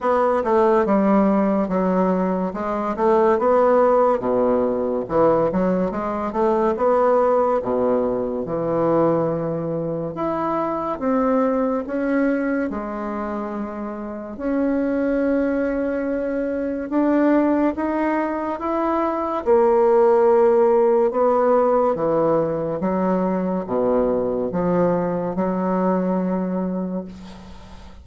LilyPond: \new Staff \with { instrumentName = "bassoon" } { \time 4/4 \tempo 4 = 71 b8 a8 g4 fis4 gis8 a8 | b4 b,4 e8 fis8 gis8 a8 | b4 b,4 e2 | e'4 c'4 cis'4 gis4~ |
gis4 cis'2. | d'4 dis'4 e'4 ais4~ | ais4 b4 e4 fis4 | b,4 f4 fis2 | }